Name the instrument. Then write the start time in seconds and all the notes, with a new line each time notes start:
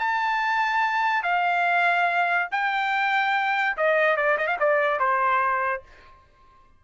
trumpet
0.00 A5
1.24 F5
2.52 G5
3.77 D#5
4.17 D5
4.38 D#5
4.48 F5
4.60 D5
5.00 C5